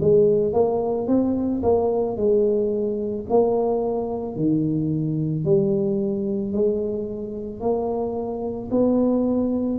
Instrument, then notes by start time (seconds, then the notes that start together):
tuba
0.00 G#3
0.53 A#3
1.07 C4
1.63 A#3
2.16 G#3
3.29 A#3
4.35 D#3
5.44 G3
6.52 G#3
7.60 A#3
8.71 B3